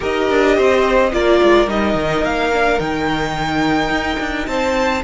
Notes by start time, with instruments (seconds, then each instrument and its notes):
0.00 cello D#4, viola G4, violin A#4 D#5
0.30 cello D4
0.55 cello C4, violin C5
1.12 cello A#3, viola F4, violin A#4 D5
1.42 cello G#3
1.67 cello G3, viola D#4, violin D#5
1.94 cello D#3
2.22 cello A#3, violin F5
2.52 viola D4
2.79 cello D#3, viola D#4, violin G5
3.89 cello D#4
4.19 cello D4
4.46 cello C4, violin C5 A5